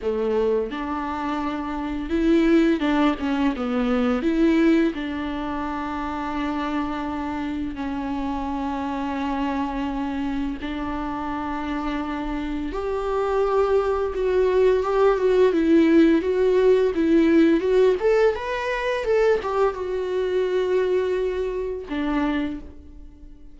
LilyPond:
\new Staff \with { instrumentName = "viola" } { \time 4/4 \tempo 4 = 85 a4 d'2 e'4 | d'8 cis'8 b4 e'4 d'4~ | d'2. cis'4~ | cis'2. d'4~ |
d'2 g'2 | fis'4 g'8 fis'8 e'4 fis'4 | e'4 fis'8 a'8 b'4 a'8 g'8 | fis'2. d'4 | }